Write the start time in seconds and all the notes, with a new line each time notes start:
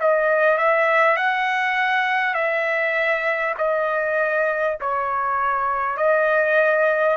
0.00 D#5
0.58 E5
1.17 F#5
2.35 E5
3.58 D#5
4.81 C#5
5.98 D#5